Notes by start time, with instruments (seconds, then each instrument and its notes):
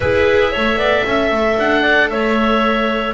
0.00 double bass E4, viola G#4, clarinet B4, oboe E5
0.52 double bass A3, viola A4, clarinet C#5
0.76 double bass B3, clarinet D5
1.05 double bass C#4, clarinet E5
1.31 double bass A3
1.58 double bass D4, oboe F#5
1.82 clarinet D5
2.09 double bass A3, clarinet C#5, oboe E5